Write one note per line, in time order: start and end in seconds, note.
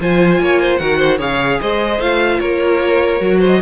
0.00 0.40 F3
0.00 0.80 F4
0.00 0.41 C5
0.00 0.77 G#5
0.40 0.80 A#3
0.40 0.61 C#5
0.61 0.81 C5
0.77 1.19 D#3
0.77 1.19 F#4
0.77 0.98 A#4
0.77 1.17 F#5
0.98 1.18 C5
1.18 1.59 C#3
1.18 1.99 G#4
1.18 1.59 C#5
1.18 1.61 F5
1.61 1.99 G#3
1.61 2.40 C5
1.61 2.01 D#5
1.99 2.39 A3
1.99 3.20 F4
1.99 2.40 F5
2.40 3.20 A#3
2.40 3.40 A#4
2.40 3.40 C#5
3.20 3.61 F#3
3.20 3.60 F#4
3.40 3.60 C5
3.46 3.62 D#5